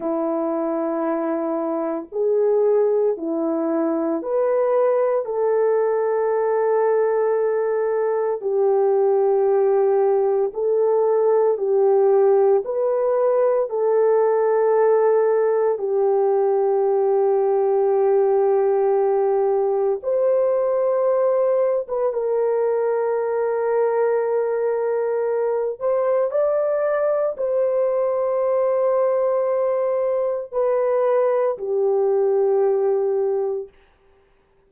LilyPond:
\new Staff \with { instrumentName = "horn" } { \time 4/4 \tempo 4 = 57 e'2 gis'4 e'4 | b'4 a'2. | g'2 a'4 g'4 | b'4 a'2 g'4~ |
g'2. c''4~ | c''8. b'16 ais'2.~ | ais'8 c''8 d''4 c''2~ | c''4 b'4 g'2 | }